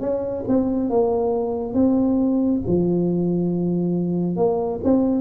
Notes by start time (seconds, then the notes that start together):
0.00 C#4
0.48 C4
0.90 A#3
1.74 C4
2.67 F3
4.36 A#3
4.83 C4